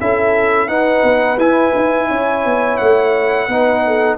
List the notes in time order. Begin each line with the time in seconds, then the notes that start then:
0.00 C#4 E4 A4 E5
0.67 D#4 B4 F#5
1.03 B3
1.37 E4 G#5
1.75 D#4
2.08 C#4 C#5
2.45 B3
2.77 A3 F#5
3.47 B3 D#4 B4
3.86 A4